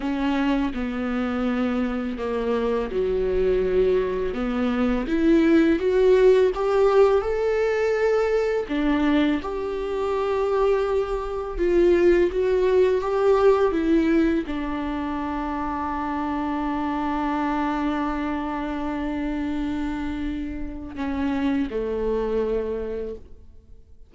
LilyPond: \new Staff \with { instrumentName = "viola" } { \time 4/4 \tempo 4 = 83 cis'4 b2 ais4 | fis2 b4 e'4 | fis'4 g'4 a'2 | d'4 g'2. |
f'4 fis'4 g'4 e'4 | d'1~ | d'1~ | d'4 cis'4 a2 | }